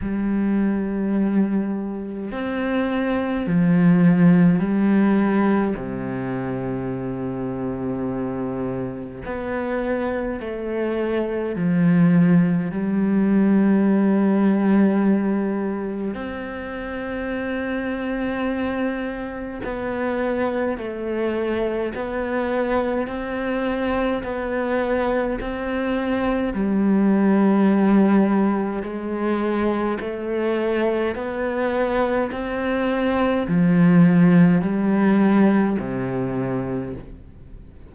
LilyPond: \new Staff \with { instrumentName = "cello" } { \time 4/4 \tempo 4 = 52 g2 c'4 f4 | g4 c2. | b4 a4 f4 g4~ | g2 c'2~ |
c'4 b4 a4 b4 | c'4 b4 c'4 g4~ | g4 gis4 a4 b4 | c'4 f4 g4 c4 | }